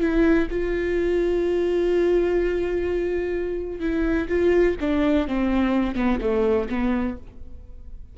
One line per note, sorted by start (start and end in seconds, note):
0.00 0.48 E4
0.50 3.80 F4
3.80 4.28 E4
4.28 4.76 F4
4.81 5.27 D4
5.27 5.95 C4
5.95 6.19 B3
6.21 6.69 A3
6.69 7.17 B3